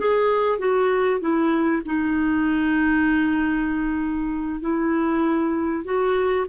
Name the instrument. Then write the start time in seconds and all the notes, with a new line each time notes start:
clarinet
0.00 G#4
0.59 F#4
1.21 E4
1.86 D#4
4.61 E4
5.85 F#4